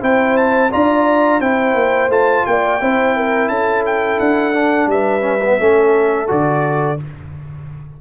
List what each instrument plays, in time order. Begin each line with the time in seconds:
0.00 tuba C4, trombone E4, horn C5, trumpet G5
0.36 trumpet A5
0.71 tuba D4, trombone F4, horn D5, trumpet A#5
1.40 tuba C4, trombone E4, horn C5, trumpet G5
1.74 tuba A#3
2.09 tuba A3, trombone F4, trumpet A5
2.46 tuba A#3, horn D5, trumpet G5
2.80 tuba C4, trombone E4, horn C5
3.15 horn A#4
3.48 tuba C#4, horn A4, trumpet A5
3.85 trumpet G5
4.19 tuba D4, trumpet F#5
4.53 trombone D4
4.86 tuba G3, horn B4, trumpet E5
5.20 trombone C#4
5.44 trombone B3
5.59 tuba A3, trombone C#4, horn A4
6.27 tuba D3, trombone F#4, trumpet D5